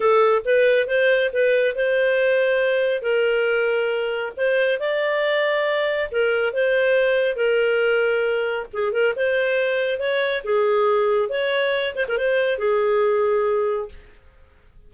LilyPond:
\new Staff \with { instrumentName = "clarinet" } { \time 4/4 \tempo 4 = 138 a'4 b'4 c''4 b'4 | c''2. ais'4~ | ais'2 c''4 d''4~ | d''2 ais'4 c''4~ |
c''4 ais'2. | gis'8 ais'8 c''2 cis''4 | gis'2 cis''4. c''16 ais'16 | c''4 gis'2. | }